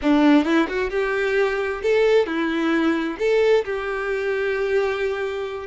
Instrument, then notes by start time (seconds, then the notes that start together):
violin
0.02 D4
0.44 E4
0.68 F#4
0.90 G4
1.82 A4
2.26 E4
3.19 A4
3.64 G4